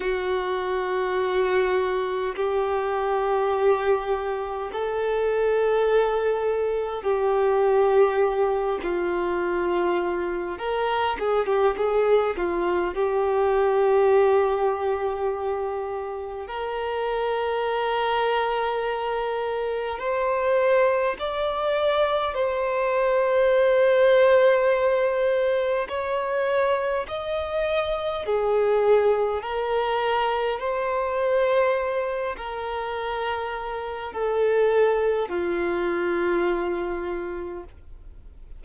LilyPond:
\new Staff \with { instrumentName = "violin" } { \time 4/4 \tempo 4 = 51 fis'2 g'2 | a'2 g'4. f'8~ | f'4 ais'8 gis'16 g'16 gis'8 f'8 g'4~ | g'2 ais'2~ |
ais'4 c''4 d''4 c''4~ | c''2 cis''4 dis''4 | gis'4 ais'4 c''4. ais'8~ | ais'4 a'4 f'2 | }